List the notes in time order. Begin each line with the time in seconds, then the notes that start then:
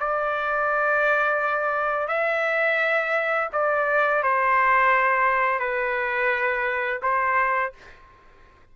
0.00 D5
2.08 E5
3.53 D5
4.24 C5
5.60 B4
7.02 C5